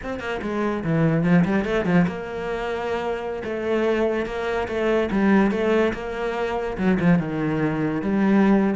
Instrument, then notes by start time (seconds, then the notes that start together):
cello
0.03 C4
0.19 A#3
0.42 G#3
0.84 E3
1.23 F3
1.44 G3
1.65 A3
1.85 F3
2.07 A#3
3.44 A3
4.26 A#3
4.68 A3
5.11 G3
5.51 A3
5.93 A#3
6.77 F#3
7.00 F3
7.19 D#3
8.02 G3